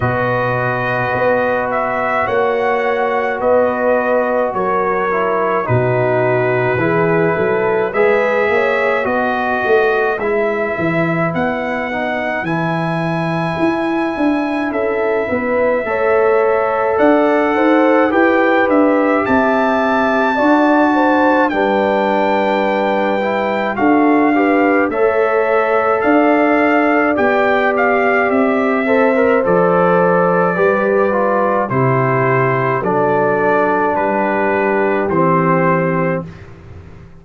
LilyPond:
<<
  \new Staff \with { instrumentName = "trumpet" } { \time 4/4 \tempo 4 = 53 dis''4. e''8 fis''4 dis''4 | cis''4 b'2 e''4 | dis''4 e''4 fis''4 gis''4~ | gis''4 e''2 fis''4 |
g''8 e''8 a''2 g''4~ | g''4 f''4 e''4 f''4 | g''8 f''8 e''4 d''2 | c''4 d''4 b'4 c''4 | }
  \new Staff \with { instrumentName = "horn" } { \time 4/4 b'2 cis''4 b'4 | ais'4 fis'4 gis'8 a'8 b'8 cis''8 | b'1~ | b'4 a'8 b'8 cis''4 d''8 c''8 |
b'4 e''4 d''8 c''8 b'4~ | b'4 a'8 b'8 cis''4 d''4~ | d''4. c''4. b'4 | g'4 a'4 g'2 | }
  \new Staff \with { instrumentName = "trombone" } { \time 4/4 fis'1~ | fis'8 e'8 dis'4 e'4 gis'4 | fis'4 e'4. dis'8 e'4~ | e'2 a'2 |
g'2 fis'4 d'4~ | d'8 e'8 fis'8 g'8 a'2 | g'4. a'16 ais'16 a'4 g'8 f'8 | e'4 d'2 c'4 | }
  \new Staff \with { instrumentName = "tuba" } { \time 4/4 b,4 b4 ais4 b4 | fis4 b,4 e8 fis8 gis8 ais8 | b8 a8 gis8 e8 b4 e4 | e'8 d'8 cis'8 b8 a4 d'8 dis'8 |
e'8 d'8 c'4 d'4 g4~ | g4 d'4 a4 d'4 | b4 c'4 f4 g4 | c4 fis4 g4 e4 | }
>>